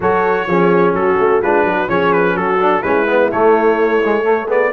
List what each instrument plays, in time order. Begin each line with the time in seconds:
0.00 tuba F#3, trombone F#4, horn A4, trumpet C#5
0.47 tuba F3, trombone C#4, horn G#4
0.93 tuba F#3, horn F#4, trumpet A4
1.19 tuba A3
1.42 tuba G#3, trombone D4, horn F4, trumpet B4
1.63 tuba F#3, horn F#4
1.88 tuba F3, trombone C#4, horn G#4, trumpet C#5
2.13 trumpet B4
2.34 tuba F#3, horn F#4, trumpet A4
2.59 trombone D4
2.80 tuba G#3, trombone C#4, horn E4, trumpet B4
3.07 trombone B3
3.31 trombone A3, tuba A3, trumpet C#5
4.04 trombone G#3
4.23 trombone A3, horn A4
4.46 trombone B3, horn G#4, trumpet D5